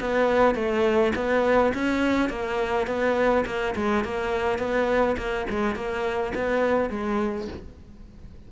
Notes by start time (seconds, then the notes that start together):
0.00 B3
0.55 A3
1.15 B3
1.74 C#4
2.29 A#3
2.87 B3
3.46 A#3
3.75 G#3
4.04 A#3
4.58 B3
5.17 A#3
5.49 G#3
5.75 A#3
6.34 B3
6.90 G#3